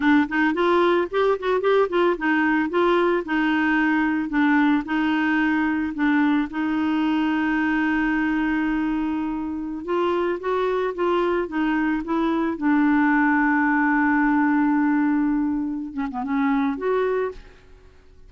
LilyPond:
\new Staff \with { instrumentName = "clarinet" } { \time 4/4 \tempo 4 = 111 d'8 dis'8 f'4 g'8 fis'8 g'8 f'8 | dis'4 f'4 dis'2 | d'4 dis'2 d'4 | dis'1~ |
dis'2~ dis'16 f'4 fis'8.~ | fis'16 f'4 dis'4 e'4 d'8.~ | d'1~ | d'4. cis'16 b16 cis'4 fis'4 | }